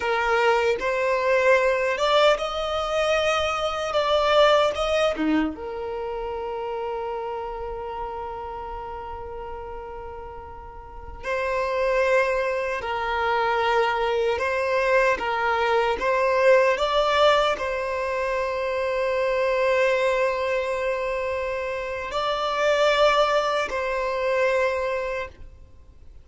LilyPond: \new Staff \with { instrumentName = "violin" } { \time 4/4 \tempo 4 = 76 ais'4 c''4. d''8 dis''4~ | dis''4 d''4 dis''8 dis'8 ais'4~ | ais'1~ | ais'2~ ais'16 c''4.~ c''16~ |
c''16 ais'2 c''4 ais'8.~ | ais'16 c''4 d''4 c''4.~ c''16~ | c''1 | d''2 c''2 | }